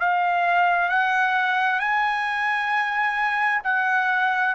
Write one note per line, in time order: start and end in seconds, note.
0.00 0.89 F5
0.89 1.80 F#5
1.80 3.62 G#5
3.64 4.55 F#5